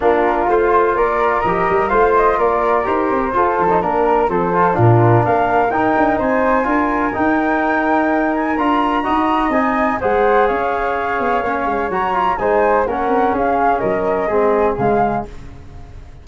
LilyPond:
<<
  \new Staff \with { instrumentName = "flute" } { \time 4/4 \tempo 4 = 126 ais'4 c''4 d''4 dis''4 | f''8 dis''8 d''4 c''2 | ais'4 c''4 ais'4 f''4 | g''4 gis''2 g''4~ |
g''4. gis''8 ais''2 | gis''4 fis''4 f''2~ | f''4 ais''4 gis''4 fis''4 | f''4 dis''2 f''4 | }
  \new Staff \with { instrumentName = "flute" } { \time 4/4 f'2 ais'2 | c''4 ais'2 a'4 | ais'4 a'4 f'4 ais'4~ | ais'4 c''4 ais'2~ |
ais'2. dis''4~ | dis''4 c''4 cis''2~ | cis''2 c''4 ais'4 | gis'4 ais'4 gis'2 | }
  \new Staff \with { instrumentName = "trombone" } { \time 4/4 d'4 f'2 g'4 | f'2 g'4 f'8. dis'16 | d'4 c'8 f'8 d'2 | dis'2 f'4 dis'4~ |
dis'2 f'4 fis'4 | dis'4 gis'2. | cis'4 fis'8 f'8 dis'4 cis'4~ | cis'2 c'4 gis4 | }
  \new Staff \with { instrumentName = "tuba" } { \time 4/4 ais4 a4 ais4 f8 g8 | a4 ais4 dis'8 c'8 f'8 f8 | ais4 f4 ais,4 ais4 | dis'8 d'8 c'4 d'4 dis'4~ |
dis'2 d'4 dis'4 | c'4 gis4 cis'4. b8 | ais8 gis8 fis4 gis4 ais8 c'8 | cis'4 fis4 gis4 cis4 | }
>>